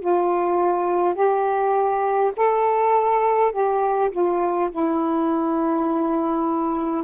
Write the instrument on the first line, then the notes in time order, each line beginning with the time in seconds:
saxophone
0.00 F4
1.14 G4
2.37 A4
3.52 G4
4.11 F4
4.71 E4